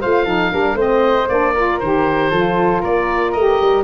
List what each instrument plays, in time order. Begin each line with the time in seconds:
0.00 tuba A3, saxophone F4, flute C5, oboe F5
0.24 tuba F3, saxophone D#4, flute A4
0.51 tuba G3, saxophone D4, flute A#4
0.74 tuba A3, saxophone C4, flute C5
0.80 oboe D#5
1.28 tuba A#3, saxophone D4, oboe D5
1.54 saxophone F4, flute A#4
1.79 tuba D#3, saxophone G4, oboe C5
2.30 tuba F3, saxophone F4, flute A4
2.81 tuba A#3, flute A#4, oboe D5
3.31 tuba A3, saxophone G4, oboe D#5
3.61 tuba G3